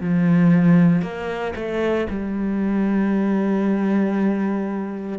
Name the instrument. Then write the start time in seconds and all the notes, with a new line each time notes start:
cello
0.00 F3
1.02 A#3
1.55 A3
2.09 G3